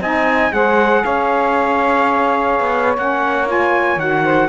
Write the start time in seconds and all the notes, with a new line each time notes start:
0.00 C4 D#4 D#5 G#5
0.52 G#3 G#4 C5 F#5
1.03 C#4 C#5 F5
2.60 B3
2.97 A#3 C#4 F#5
3.46 F4 G#5
3.96 D#3 F#4 F#5
4.24 C5